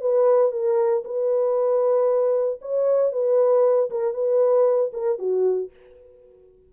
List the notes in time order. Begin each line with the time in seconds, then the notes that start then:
0.00 B4
0.51 A#4
1.04 B4
2.61 C#5
3.12 B4
3.90 A#4
4.14 B4
4.93 A#4
5.18 F#4